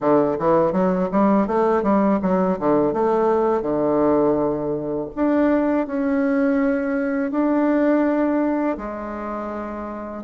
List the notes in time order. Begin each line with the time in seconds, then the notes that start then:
0.00 D3
0.38 E3
0.72 F#3
1.11 G3
1.47 A3
1.83 G3
2.22 F#3
2.59 D3
2.93 A3
3.62 D3
5.15 D4
5.86 C#4
7.31 D4
8.77 G#3